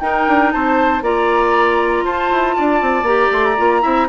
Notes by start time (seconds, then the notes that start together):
0.00 D#4 A#4 G5
0.28 D4
0.52 C4 C5 A5
1.02 A#3 F4 D5 A#5
2.05 F4 C5 A5
2.31 E4
2.57 D4 D5
2.81 C4
3.02 A#3 G4 A#5
3.32 A3 C6
3.45 A#5
3.58 A#3 F4
3.82 C4 E4 E5